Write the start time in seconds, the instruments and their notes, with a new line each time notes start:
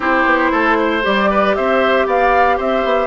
0.00 bassoon C4, clarinet E4, oboe G4, flute C5
0.25 bassoon B3
0.51 bassoon A3, oboe A4
0.79 oboe C5
1.03 bassoon G3, clarinet G4, flute D5
1.30 oboe B4
1.55 bassoon C4, oboe C5, flute E5
2.06 bassoon B3, oboe D5, flute F5
2.57 bassoon C4, oboe C5, flute E5
2.84 bassoon B3